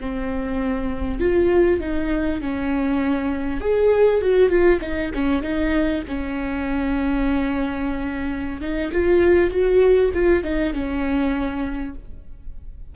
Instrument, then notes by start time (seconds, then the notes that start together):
viola
0.00 C4
1.20 F4
1.80 D#4
2.41 C#4
3.61 G#4
4.21 F#4
4.49 F4
4.81 D#4
5.14 C#4
5.42 D#4
6.08 C#4
8.61 D#4
8.92 F4
9.51 F#4
10.14 F4
10.43 D#4
10.73 C#4